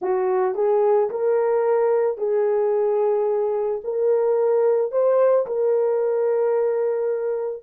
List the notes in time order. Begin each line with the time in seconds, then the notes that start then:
0.01 F#4
0.55 G#4
1.10 A#4
2.17 G#4
3.84 A#4
4.91 C5
5.46 A#4